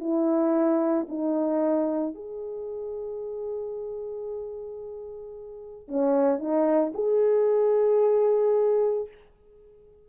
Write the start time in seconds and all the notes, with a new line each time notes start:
0.00 E4
1.09 D#4
2.15 G#4
5.88 C#4
6.38 D#4
6.94 G#4